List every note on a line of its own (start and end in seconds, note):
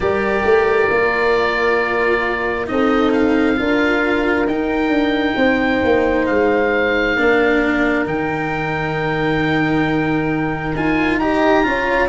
0.00 0.43 G3
0.00 0.90 G4
0.00 2.69 A#4
0.00 2.66 D5
0.43 0.88 A3
0.90 2.69 A#3
0.90 2.66 F4
2.66 3.59 C4
2.66 3.55 D#4
2.66 3.59 A4
2.66 3.12 D#5
3.12 4.47 F5
3.56 4.47 D4
3.56 4.46 F4
3.56 5.37 A#4
4.47 4.89 D#4
4.47 7.17 D#4
4.47 6.26 G5
4.89 5.33 D4
5.35 5.80 C4
5.35 7.16 C5
5.84 6.28 A#3
6.26 7.16 G#3
6.26 8.05 F5
7.16 8.05 A#3
7.16 8.05 D4
7.16 11.19 A#4
8.05 10.74 D#3
8.05 10.74 D#4
8.05 10.76 G5
10.75 11.65 D#4
10.75 11.21 F4
10.75 11.18 G#5
11.18 11.63 G4
11.18 11.65 D#5
11.18 12.08 A#5
11.63 12.08 C#4
11.63 12.08 F4
11.63 12.08 C#5